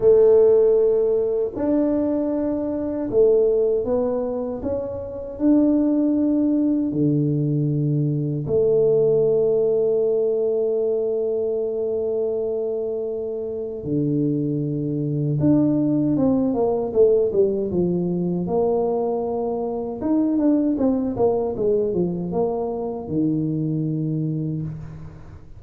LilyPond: \new Staff \with { instrumentName = "tuba" } { \time 4/4 \tempo 4 = 78 a2 d'2 | a4 b4 cis'4 d'4~ | d'4 d2 a4~ | a1~ |
a2 d2 | d'4 c'8 ais8 a8 g8 f4 | ais2 dis'8 d'8 c'8 ais8 | gis8 f8 ais4 dis2 | }